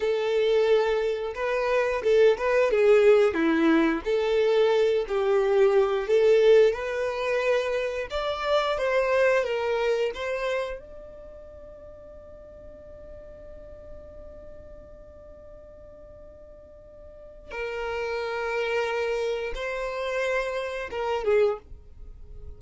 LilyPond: \new Staff \with { instrumentName = "violin" } { \time 4/4 \tempo 4 = 89 a'2 b'4 a'8 b'8 | gis'4 e'4 a'4. g'8~ | g'4 a'4 b'2 | d''4 c''4 ais'4 c''4 |
d''1~ | d''1~ | d''2 ais'2~ | ais'4 c''2 ais'8 gis'8 | }